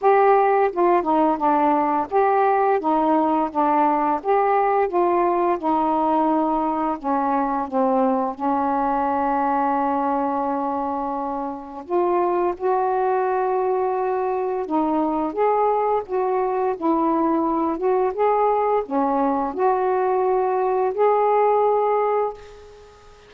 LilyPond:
\new Staff \with { instrumentName = "saxophone" } { \time 4/4 \tempo 4 = 86 g'4 f'8 dis'8 d'4 g'4 | dis'4 d'4 g'4 f'4 | dis'2 cis'4 c'4 | cis'1~ |
cis'4 f'4 fis'2~ | fis'4 dis'4 gis'4 fis'4 | e'4. fis'8 gis'4 cis'4 | fis'2 gis'2 | }